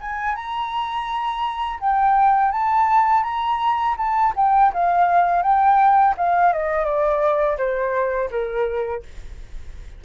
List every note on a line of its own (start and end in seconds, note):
0.00 0.35 G#5
0.35 1.79 A#5
1.79 2.51 G5
2.51 3.23 A5
3.23 3.95 A#5
3.97 4.33 A5
4.36 4.72 G5
4.73 5.42 F5
5.42 6.14 G5
6.17 6.53 F5
6.53 6.84 D#5
6.84 7.57 D5
7.57 8.29 C5
8.30 9.03 A#4